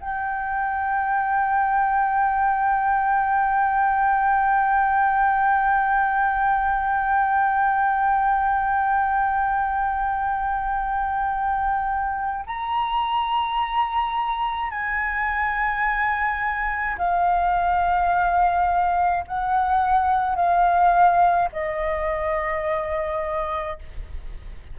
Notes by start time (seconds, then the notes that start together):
0.00 G5
12.47 A#5
14.71 G#5
16.98 F5
19.28 F#5
20.36 F5
21.52 D#5